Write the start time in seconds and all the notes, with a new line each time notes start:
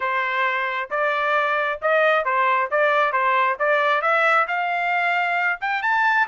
0.00 C5
0.90 D5
1.81 D#5
2.24 C5
2.70 D5
3.12 C5
3.59 D5
4.01 E5
4.47 F5
5.60 G5
5.82 A5